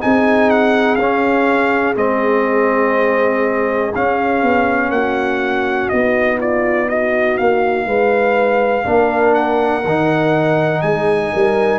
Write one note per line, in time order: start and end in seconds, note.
0.00 0.99 C4
0.00 0.98 D#4
0.00 4.94 G#4
0.00 0.50 G#5
0.50 0.96 F#5
0.96 1.97 C#4
0.96 1.96 C#4
0.96 1.94 F5
1.96 3.93 G#3
1.96 3.93 C4
1.96 3.94 D#5
3.95 5.92 C#4
3.95 4.42 C#4
3.95 4.91 F5
4.42 4.90 B3
4.90 5.88 A#3
4.90 6.39 F#4
4.90 5.89 F#5
5.89 7.39 B3
5.89 8.84 D#4
5.89 6.38 D#5
6.39 6.88 F4
6.39 6.89 D5
6.89 7.87 F#4
6.89 7.37 D#5
7.37 7.86 A#3
7.37 9.34 F5
7.86 8.84 G#3
7.86 8.85 B4
8.84 9.85 A#3
8.84 9.82 D4
8.84 10.83 A#4
9.34 10.82 F#5
9.85 10.83 D#3
9.85 11.79 D#4
10.82 11.32 G#3
10.82 11.32 G#4
10.82 11.79 G#5
11.32 11.79 G3
11.32 11.79 A#4